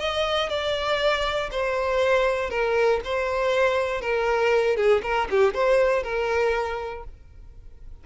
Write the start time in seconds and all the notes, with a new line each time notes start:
0.00 D#5
0.50 D5
1.52 C5
2.50 A#4
3.05 C5
4.02 A#4
4.77 G#4
5.03 A#4
5.31 G4
5.55 C5
6.04 A#4